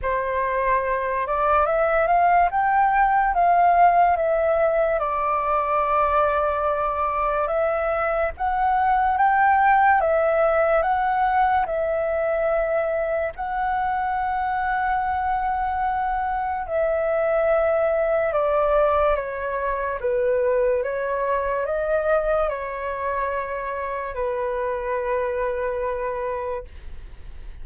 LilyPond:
\new Staff \with { instrumentName = "flute" } { \time 4/4 \tempo 4 = 72 c''4. d''8 e''8 f''8 g''4 | f''4 e''4 d''2~ | d''4 e''4 fis''4 g''4 | e''4 fis''4 e''2 |
fis''1 | e''2 d''4 cis''4 | b'4 cis''4 dis''4 cis''4~ | cis''4 b'2. | }